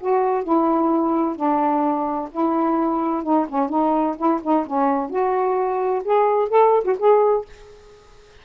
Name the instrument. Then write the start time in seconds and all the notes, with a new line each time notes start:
saxophone
0.00 F#4
0.44 E4
1.36 D4
2.32 E4
3.23 D#4
3.49 C#4
3.70 D#4
4.17 E4
4.43 D#4
4.66 C#4
5.10 F#4
6.04 G#4
6.49 A4
6.84 F#4
6.99 G#4